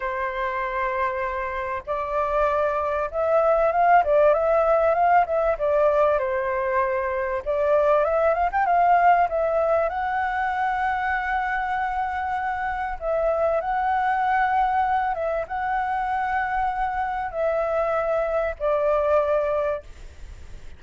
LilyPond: \new Staff \with { instrumentName = "flute" } { \time 4/4 \tempo 4 = 97 c''2. d''4~ | d''4 e''4 f''8 d''8 e''4 | f''8 e''8 d''4 c''2 | d''4 e''8 f''16 g''16 f''4 e''4 |
fis''1~ | fis''4 e''4 fis''2~ | fis''8 e''8 fis''2. | e''2 d''2 | }